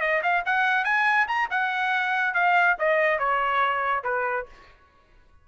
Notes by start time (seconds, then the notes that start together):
0.00 D#5
0.22 F5
0.45 F#5
0.84 G#5
1.27 A#5
1.50 F#5
2.34 F5
2.78 D#5
3.19 C#5
4.03 B4